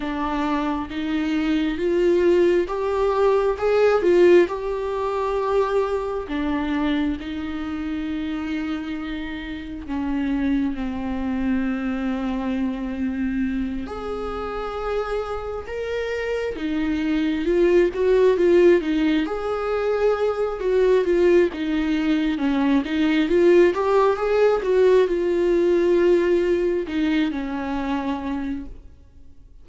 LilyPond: \new Staff \with { instrumentName = "viola" } { \time 4/4 \tempo 4 = 67 d'4 dis'4 f'4 g'4 | gis'8 f'8 g'2 d'4 | dis'2. cis'4 | c'2.~ c'8 gis'8~ |
gis'4. ais'4 dis'4 f'8 | fis'8 f'8 dis'8 gis'4. fis'8 f'8 | dis'4 cis'8 dis'8 f'8 g'8 gis'8 fis'8 | f'2 dis'8 cis'4. | }